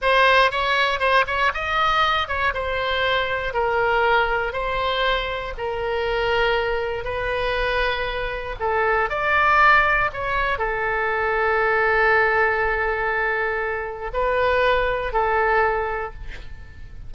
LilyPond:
\new Staff \with { instrumentName = "oboe" } { \time 4/4 \tempo 4 = 119 c''4 cis''4 c''8 cis''8 dis''4~ | dis''8 cis''8 c''2 ais'4~ | ais'4 c''2 ais'4~ | ais'2 b'2~ |
b'4 a'4 d''2 | cis''4 a'2.~ | a'1 | b'2 a'2 | }